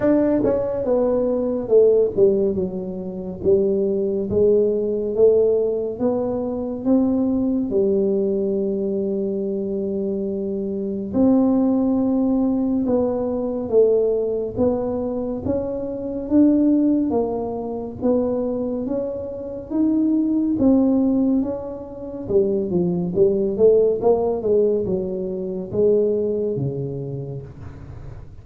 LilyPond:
\new Staff \with { instrumentName = "tuba" } { \time 4/4 \tempo 4 = 70 d'8 cis'8 b4 a8 g8 fis4 | g4 gis4 a4 b4 | c'4 g2.~ | g4 c'2 b4 |
a4 b4 cis'4 d'4 | ais4 b4 cis'4 dis'4 | c'4 cis'4 g8 f8 g8 a8 | ais8 gis8 fis4 gis4 cis4 | }